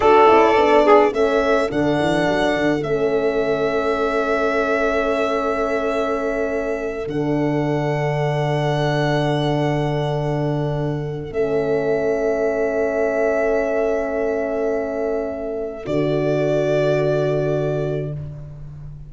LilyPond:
<<
  \new Staff \with { instrumentName = "violin" } { \time 4/4 \tempo 4 = 106 d''2 e''4 fis''4~ | fis''4 e''2.~ | e''1~ | e''8 fis''2.~ fis''8~ |
fis''1 | e''1~ | e''1 | d''1 | }
  \new Staff \with { instrumentName = "saxophone" } { \time 4/4 a'4. gis'8 a'2~ | a'1~ | a'1~ | a'1~ |
a'1~ | a'1~ | a'1~ | a'1 | }
  \new Staff \with { instrumentName = "horn" } { \time 4/4 fis'8 e'8 d'4 cis'4 d'4~ | d'4 cis'2.~ | cis'1~ | cis'8 d'2.~ d'8~ |
d'1 | cis'1~ | cis'1 | fis'1 | }
  \new Staff \with { instrumentName = "tuba" } { \time 4/4 d'8 cis'8 b4 a4 d8 e8 | fis8 d8 a2.~ | a1~ | a8 d2.~ d8~ |
d1 | a1~ | a1 | d1 | }
>>